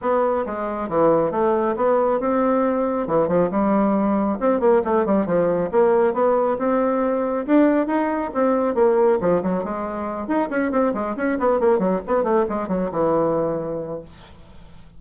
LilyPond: \new Staff \with { instrumentName = "bassoon" } { \time 4/4 \tempo 4 = 137 b4 gis4 e4 a4 | b4 c'2 e8 f8 | g2 c'8 ais8 a8 g8 | f4 ais4 b4 c'4~ |
c'4 d'4 dis'4 c'4 | ais4 f8 fis8 gis4. dis'8 | cis'8 c'8 gis8 cis'8 b8 ais8 fis8 b8 | a8 gis8 fis8 e2~ e8 | }